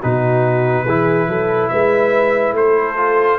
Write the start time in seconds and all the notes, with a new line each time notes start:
0.00 B2 D#4 F#4 B4
0.85 E3 E4 G#4
1.28 F#3 A4
1.69 G#3 B4 E5
2.52 A3 C5
2.59 A4
2.97 F4